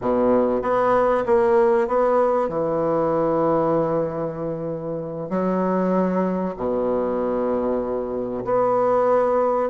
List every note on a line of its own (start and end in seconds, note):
0.01 0.61 B2
0.61 1.24 B3
1.26 1.88 A#3
1.88 2.49 B3
2.49 5.29 E3
5.29 6.54 F#3
6.56 8.44 B2
8.44 9.69 B3